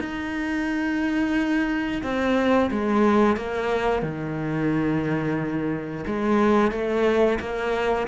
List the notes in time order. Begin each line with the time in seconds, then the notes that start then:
0.00 D#4
2.03 C4
2.71 G#3
3.37 A#3
4.02 D#3
6.07 G#3
6.72 A3
7.40 A#3